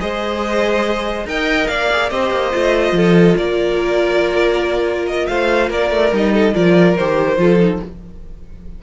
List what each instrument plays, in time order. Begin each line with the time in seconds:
0.00 cello G#3, viola G#4, violin C5 D#5
1.25 cello D#4, viola A#4, violin D#5 G5
1.67 cello A#3, violin D5 F5
1.92 viola G#4
2.10 cello C4, viola G4, violin C5 D#5
2.30 cello A#3
2.52 cello A3, viola F4
2.92 cello F3, violin A4
3.37 cello A#3, violin A#4 D5
5.06 violin D#5
5.27 cello A3, violin C5 F5
5.69 cello A#3, violin A#4 D5
5.90 cello A3
6.12 cello G3, viola D#4, violin D#5
6.33 violin A4
6.54 cello F3, viola F4, violin A#4 D5
6.97 cello D#3, viola G4, violin C5
7.37 cello F3, viola F4, violin A4
7.61 viola D#4